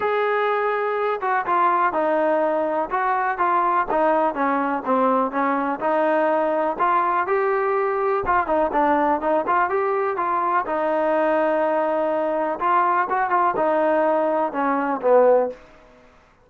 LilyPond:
\new Staff \with { instrumentName = "trombone" } { \time 4/4 \tempo 4 = 124 gis'2~ gis'8 fis'8 f'4 | dis'2 fis'4 f'4 | dis'4 cis'4 c'4 cis'4 | dis'2 f'4 g'4~ |
g'4 f'8 dis'8 d'4 dis'8 f'8 | g'4 f'4 dis'2~ | dis'2 f'4 fis'8 f'8 | dis'2 cis'4 b4 | }